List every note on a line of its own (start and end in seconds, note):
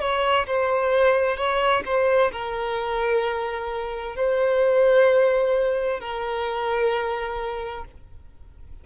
0.00 0.46 C#5
0.47 1.37 C5
1.37 1.83 C#5
1.85 2.31 C5
2.32 4.15 A#4
4.15 6.00 C5
6.00 7.85 A#4